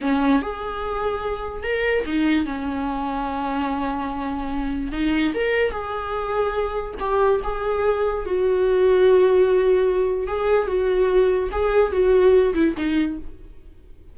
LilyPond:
\new Staff \with { instrumentName = "viola" } { \time 4/4 \tempo 4 = 146 cis'4 gis'2. | ais'4 dis'4 cis'2~ | cis'1 | dis'4 ais'4 gis'2~ |
gis'4 g'4 gis'2 | fis'1~ | fis'4 gis'4 fis'2 | gis'4 fis'4. e'8 dis'4 | }